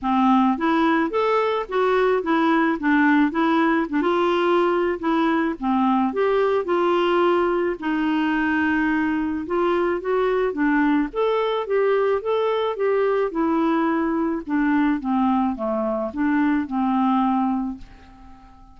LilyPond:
\new Staff \with { instrumentName = "clarinet" } { \time 4/4 \tempo 4 = 108 c'4 e'4 a'4 fis'4 | e'4 d'4 e'4 d'16 f'8.~ | f'4 e'4 c'4 g'4 | f'2 dis'2~ |
dis'4 f'4 fis'4 d'4 | a'4 g'4 a'4 g'4 | e'2 d'4 c'4 | a4 d'4 c'2 | }